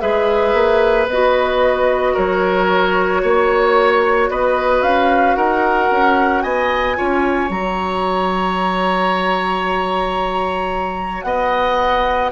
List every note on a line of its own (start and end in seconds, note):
0.00 0.53 G#3
0.00 1.08 G#4
0.00 2.14 B4
0.00 1.07 E5
0.53 1.07 A#3
1.07 2.14 B3
1.07 6.96 F#4
1.07 2.16 D#5
2.14 3.23 F#3
2.14 3.21 A#4
2.14 4.30 C#5
3.22 4.29 A#3
3.22 4.29 C#5
4.29 4.82 B3
4.29 5.36 B4
4.29 4.82 D#5
4.82 5.36 C#4
4.82 5.35 F5
5.35 5.90 D#4
5.35 6.43 A#4
5.35 6.42 F#5
5.90 6.43 C#4
6.42 6.97 B3
6.42 6.96 D#5
6.42 7.49 G#5
6.96 7.49 C#4
6.96 7.50 F4
6.96 11.25 C#5
7.49 11.23 F#3
7.49 12.31 F#4
7.49 11.22 A#5
11.22 12.30 B3
11.22 12.31 D#5
11.22 12.29 F#5